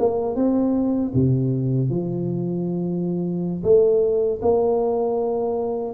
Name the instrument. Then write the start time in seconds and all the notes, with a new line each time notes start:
tuba
0.00 A#3
0.36 C4
1.15 C3
1.90 F3
3.64 A3
4.42 A#3